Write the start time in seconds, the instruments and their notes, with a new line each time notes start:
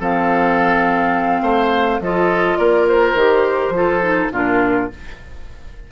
0.00 bassoon F3, clarinet C4, oboe A4, flute F5
1.42 bassoon A3, oboe C5
2.00 bassoon F3, clarinet F4, oboe A4, flute D#5
2.57 bassoon A#3, oboe A#4, flute D5
2.88 flute C5
3.15 bassoon D#3, clarinet G4
3.70 bassoon F3, clarinet F4
3.77 oboe A4
4.02 clarinet D#4
4.32 bassoon A#2, clarinet D4, oboe F4, flute A#4